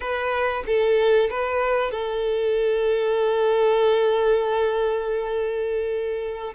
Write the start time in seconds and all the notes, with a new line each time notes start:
0.00 B4
0.66 A4
1.29 B4
1.91 A4